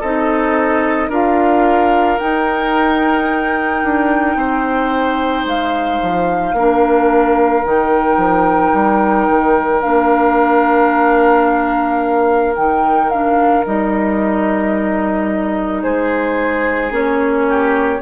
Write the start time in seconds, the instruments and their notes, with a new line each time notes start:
0.00 bassoon C4, clarinet D#4, oboe A4, flute D#5
1.09 bassoon D4, clarinet F4, oboe A#4, flute F5
2.19 clarinet D#4, bassoon D#4, flute G5
3.83 bassoon D4
4.35 bassoon C4, oboe C5
5.45 bassoon G#3, flute F5
6.02 bassoon F3
6.53 bassoon A#3, clarinet D4, oboe A#4
7.64 bassoon D#3, clarinet D#4, flute G5
8.17 bassoon F3
8.73 bassoon G3
9.29 bassoon D#3
9.81 bassoon A#3, clarinet D4, flute F5
12.56 bassoon D#3, clarinet D#4, flute G5
13.10 clarinet D4, flute F5
13.65 bassoon G3, clarinet D#4, flute D#5
15.82 bassoon G#3, oboe G#4, flute C5
16.90 bassoon A#3, clarinet C#4, flute C#5
17.49 oboe G4